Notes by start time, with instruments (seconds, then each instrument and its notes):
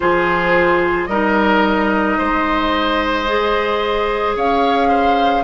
0.00 bassoon F3, clarinet F4, oboe G#4, flute C5
1.05 bassoon G3, clarinet D#4, oboe A#4, flute D#5
2.18 bassoon G#3, oboe C5
3.26 clarinet G#4
4.36 bassoon C#4, oboe C#5, flute F5
4.88 oboe C5